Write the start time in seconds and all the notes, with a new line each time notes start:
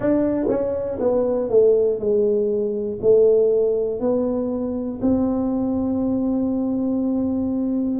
0.00 D4
0.48 C#4
1.00 B3
1.50 A3
1.99 G#3
3.01 A3
4.00 B3
5.01 C4